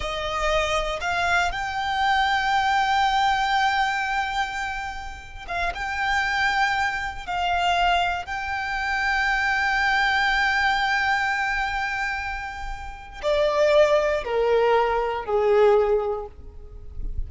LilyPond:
\new Staff \with { instrumentName = "violin" } { \time 4/4 \tempo 4 = 118 dis''2 f''4 g''4~ | g''1~ | g''2~ g''8. f''8 g''8.~ | g''2~ g''16 f''4.~ f''16~ |
f''16 g''2.~ g''8.~ | g''1~ | g''2 d''2 | ais'2 gis'2 | }